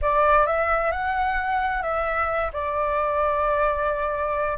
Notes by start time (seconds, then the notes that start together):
0.01 D5
0.46 E5
0.91 F#5
1.82 E5
2.52 D5